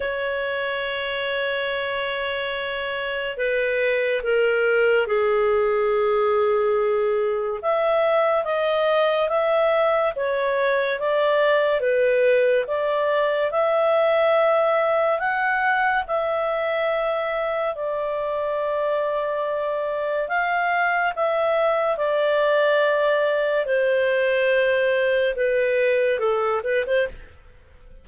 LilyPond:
\new Staff \with { instrumentName = "clarinet" } { \time 4/4 \tempo 4 = 71 cis''1 | b'4 ais'4 gis'2~ | gis'4 e''4 dis''4 e''4 | cis''4 d''4 b'4 d''4 |
e''2 fis''4 e''4~ | e''4 d''2. | f''4 e''4 d''2 | c''2 b'4 a'8 b'16 c''16 | }